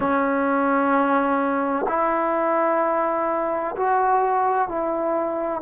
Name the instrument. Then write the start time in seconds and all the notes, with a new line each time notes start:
trombone
0.00 C#4
1.88 E4
3.77 F#4
4.68 E4